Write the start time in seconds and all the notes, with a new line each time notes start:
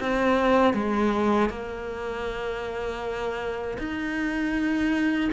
0.00 C4
0.74 G#3
1.50 A#3
3.78 D#4